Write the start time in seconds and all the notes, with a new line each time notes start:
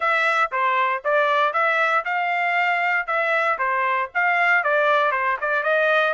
0.00 E5
0.51 C5
1.04 D5
1.53 E5
2.04 F5
3.06 E5
3.58 C5
4.14 F5
4.63 D5
5.11 C5
5.40 D5
5.63 D#5